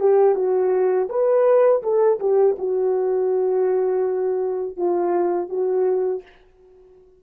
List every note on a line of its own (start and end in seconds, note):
0.00 0.35 G4
0.35 1.08 F#4
1.09 1.83 B4
1.83 2.20 A4
2.20 2.56 G4
2.58 4.77 F#4
4.77 5.49 F4
5.49 6.23 F#4